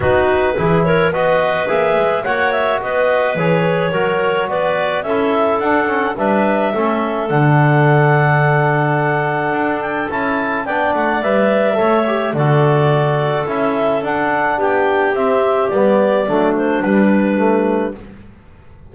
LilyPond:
<<
  \new Staff \with { instrumentName = "clarinet" } { \time 4/4 \tempo 4 = 107 b'4. cis''8 dis''4 e''4 | fis''8 e''8 dis''4 cis''2 | d''4 e''4 fis''4 e''4~ | e''4 fis''2.~ |
fis''4. g''8 a''4 g''8 fis''8 | e''2 d''2 | e''4 fis''4 g''4 e''4 | d''4. c''8 b'2 | }
  \new Staff \with { instrumentName = "clarinet" } { \time 4/4 fis'4 gis'8 ais'8 b'2 | cis''4 b'2 ais'4 | b'4 a'2 b'4 | a'1~ |
a'2. d''4~ | d''4 cis''4 a'2~ | a'2 g'2~ | g'4 d'2. | }
  \new Staff \with { instrumentName = "trombone" } { \time 4/4 dis'4 e'4 fis'4 gis'4 | fis'2 gis'4 fis'4~ | fis'4 e'4 d'8 cis'8 d'4 | cis'4 d'2.~ |
d'2 e'4 d'4 | b'4 a'8 g'8 fis'2 | e'4 d'2 c'4 | b4 a4 g4 a4 | }
  \new Staff \with { instrumentName = "double bass" } { \time 4/4 b4 e4 b4 ais8 gis8 | ais4 b4 e4 fis4 | b4 cis'4 d'4 g4 | a4 d2.~ |
d4 d'4 cis'4 b8 a8 | g4 a4 d2 | cis'4 d'4 b4 c'4 | g4 fis4 g2 | }
>>